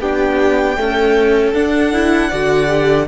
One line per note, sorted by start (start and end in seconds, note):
0.00 0.77 B3
0.00 0.77 D4
0.00 0.78 G4
0.00 1.54 G5
0.77 1.54 A3
0.77 1.54 C#4
0.77 2.29 A4
1.54 2.31 D4
1.54 1.93 D4
1.54 3.08 F#5
1.93 2.32 E4
2.29 3.09 D3
2.29 2.68 F#4
2.29 3.06 D5
2.68 3.06 G4